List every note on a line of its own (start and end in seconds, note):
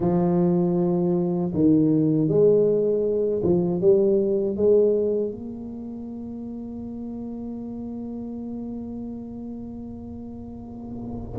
0.00 1.52 F3
1.54 2.28 D#3
2.28 3.42 G#3
3.43 3.80 F3
3.80 4.56 G3
4.56 5.31 G#3
5.31 11.39 A#3